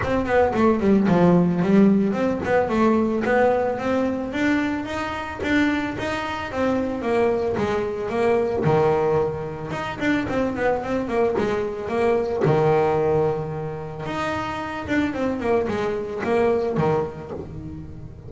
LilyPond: \new Staff \with { instrumentName = "double bass" } { \time 4/4 \tempo 4 = 111 c'8 b8 a8 g8 f4 g4 | c'8 b8 a4 b4 c'4 | d'4 dis'4 d'4 dis'4 | c'4 ais4 gis4 ais4 |
dis2 dis'8 d'8 c'8 b8 | c'8 ais8 gis4 ais4 dis4~ | dis2 dis'4. d'8 | c'8 ais8 gis4 ais4 dis4 | }